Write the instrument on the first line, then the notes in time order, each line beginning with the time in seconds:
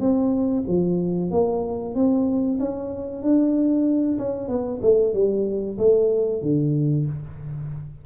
tuba
0.00 C4
0.68 F3
1.31 A#3
1.95 C4
2.60 C#4
3.22 D4
4.19 C#4
4.48 B3
4.82 A3
5.14 G3
5.78 A3
6.42 D3